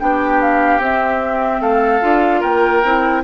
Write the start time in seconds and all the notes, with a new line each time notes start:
0.00 B3 D4 G4 G5
0.41 F5
0.79 C4 E5
1.60 A3 A4 F5
2.01 D4 F4
2.41 A#3 A#4 G5
2.84 C4 E4